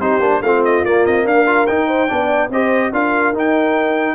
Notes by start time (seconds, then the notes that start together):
0.00 C4 D#4 G4 C5
0.20 A#3 D4
0.42 A3 C4 F4 F5
0.65 D#5
0.85 A#3 D5
1.06 C4 D#5
1.25 D4 A#4 F5
1.47 F4
1.67 D#4 G5
1.88 C5
2.09 B3 D4 D5
2.50 C4 G4 C5 D#5
2.93 D4 F4 A#4 F5
3.33 D#4 G5